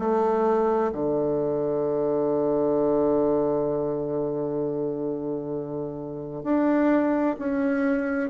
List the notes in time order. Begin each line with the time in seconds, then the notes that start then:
0.00 A3
0.93 D3
6.44 D4
7.39 C#4